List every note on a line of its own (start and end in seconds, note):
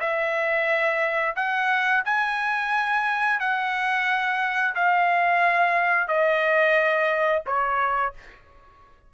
0.00 1.35 E5
1.36 2.03 F#5
2.05 3.40 G#5
3.40 4.75 F#5
4.75 6.08 F5
6.08 7.43 D#5
7.46 8.14 C#5